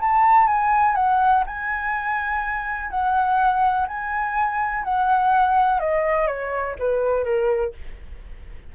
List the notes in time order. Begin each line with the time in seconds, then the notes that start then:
0.00 A5
0.47 G#5
0.95 F#5
1.46 G#5
2.90 F#5
3.88 G#5
4.84 F#5
5.80 D#5
6.27 C#5
6.79 B4
7.24 A#4